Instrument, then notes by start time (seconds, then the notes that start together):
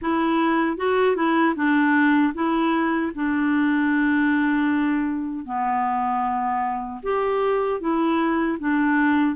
clarinet
0.01 E4
0.77 F#4
1.15 E4
1.55 D4
2.34 E4
3.14 D4
5.45 B3
7.02 G4
7.80 E4
8.59 D4